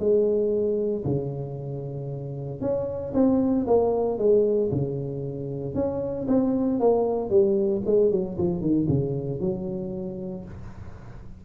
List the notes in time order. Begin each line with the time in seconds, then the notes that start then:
0.00 G#3
1.05 C#3
2.61 C#4
3.14 C4
3.67 A#3
4.19 G#3
4.72 C#3
5.75 C#4
6.28 C4
6.80 A#3
7.30 G3
7.86 G#3
8.12 F#3
8.38 F3
8.61 D#3
8.89 C#3
9.41 F#3